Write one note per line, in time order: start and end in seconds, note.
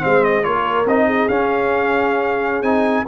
0.00 0.46 G#3
0.00 0.42 C4
0.00 0.45 C5
0.00 0.24 F5
0.24 0.44 D#5
0.43 0.85 A#3
0.43 0.85 F4
0.43 1.07 A#4
0.43 0.86 C#5
0.85 1.27 C4
0.85 1.30 D#4
0.85 1.28 D#5
1.07 3.06 G#4
1.28 2.62 C#4
1.28 2.64 C#4
1.28 2.63 F5
2.62 3.04 C4
2.62 3.06 D#4
2.62 3.05 G#5